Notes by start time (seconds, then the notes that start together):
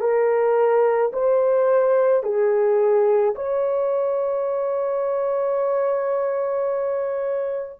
0.00 A#4
1.13 C5
2.23 G#4
3.35 C#5